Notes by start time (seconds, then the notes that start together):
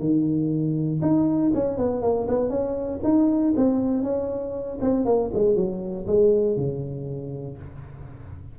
0.00 D#3
1.02 D#4
1.55 C#4
1.78 B3
2.02 A#3
2.28 B3
2.50 C#4
3.04 D#4
3.57 C4
4.04 C#4
4.82 C4
5.06 A#3
5.34 G#3
5.56 F#3
6.07 G#3
6.57 C#3